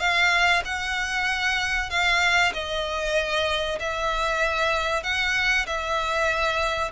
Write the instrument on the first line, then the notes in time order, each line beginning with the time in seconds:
violin
0.00 F5
0.65 F#5
1.90 F5
2.54 D#5
3.80 E5
5.03 F#5
5.66 E5